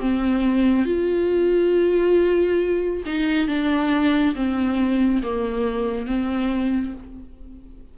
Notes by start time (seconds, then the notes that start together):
0.00 C4
0.85 F4
3.05 D#4
3.47 D4
4.35 C4
5.22 A#3
6.06 C4